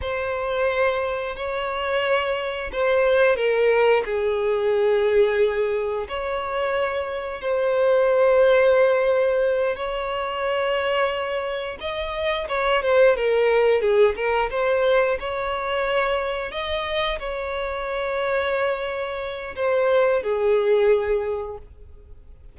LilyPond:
\new Staff \with { instrumentName = "violin" } { \time 4/4 \tempo 4 = 89 c''2 cis''2 | c''4 ais'4 gis'2~ | gis'4 cis''2 c''4~ | c''2~ c''8 cis''4.~ |
cis''4. dis''4 cis''8 c''8 ais'8~ | ais'8 gis'8 ais'8 c''4 cis''4.~ | cis''8 dis''4 cis''2~ cis''8~ | cis''4 c''4 gis'2 | }